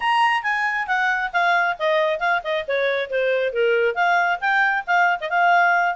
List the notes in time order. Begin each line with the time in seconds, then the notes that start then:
0.00 A#5
0.43 G#5
0.87 F#5
1.33 F5
1.78 D#5
2.19 F5
2.43 D#5
2.67 C#5
3.10 C5
3.52 A#4
3.95 F5
4.40 G5
4.86 F5
5.20 D#5
5.29 F5